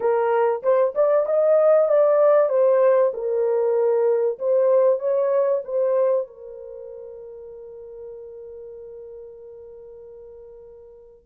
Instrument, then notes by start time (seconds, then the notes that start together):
horn
0.00 A#4
0.62 C5
0.94 D5
1.26 D#5
1.88 D5
2.49 C5
3.13 A#4
4.38 C5
4.99 C#5
5.64 C5
6.27 A#4